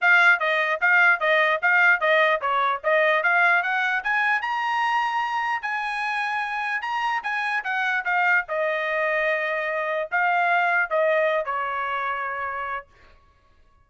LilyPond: \new Staff \with { instrumentName = "trumpet" } { \time 4/4 \tempo 4 = 149 f''4 dis''4 f''4 dis''4 | f''4 dis''4 cis''4 dis''4 | f''4 fis''4 gis''4 ais''4~ | ais''2 gis''2~ |
gis''4 ais''4 gis''4 fis''4 | f''4 dis''2.~ | dis''4 f''2 dis''4~ | dis''8 cis''2.~ cis''8 | }